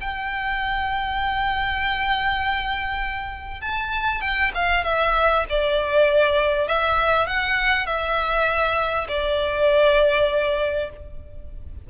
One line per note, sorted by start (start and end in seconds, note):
0.00 3.61 G5
3.61 4.21 A5
4.21 4.51 G5
4.54 4.84 F5
4.84 5.44 E5
5.49 6.67 D5
6.67 7.27 E5
7.27 7.86 F#5
7.86 9.07 E5
9.08 10.90 D5